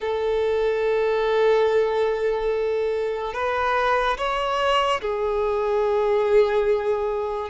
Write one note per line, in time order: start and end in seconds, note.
0.00 3.33 A4
3.33 4.17 B4
4.17 5.00 C#5
5.01 7.49 G#4